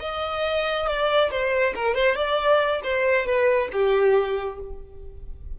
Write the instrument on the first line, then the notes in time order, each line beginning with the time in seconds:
violin
0.00 D#5
0.87 D5
1.30 C5
1.75 A#4
1.94 C5
2.15 D5
2.84 C5
3.26 B4
3.72 G4